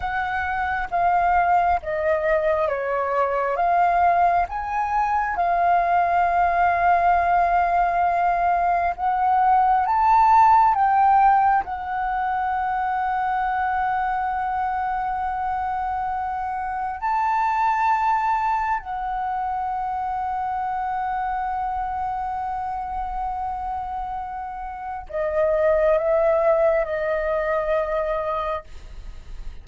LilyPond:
\new Staff \with { instrumentName = "flute" } { \time 4/4 \tempo 4 = 67 fis''4 f''4 dis''4 cis''4 | f''4 gis''4 f''2~ | f''2 fis''4 a''4 | g''4 fis''2.~ |
fis''2. a''4~ | a''4 fis''2.~ | fis''1 | dis''4 e''4 dis''2 | }